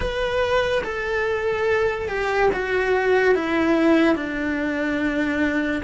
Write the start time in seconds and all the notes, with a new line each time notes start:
0.00 B4
0.83 A4
2.08 G4
2.53 F#4
3.34 E4
4.15 D4